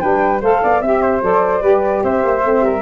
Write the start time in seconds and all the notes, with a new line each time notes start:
0.00 G3 D4 B4 G5
0.41 A3 A4 C5 F5
0.62 B3 D5
0.81 C4 G4 E5
1.02 C5
1.21 F#3 A4 D5
1.61 G3 G4 B4
2.03 C4 C5 E5
2.24 A#3
2.43 A3 C4
2.61 G3 A#4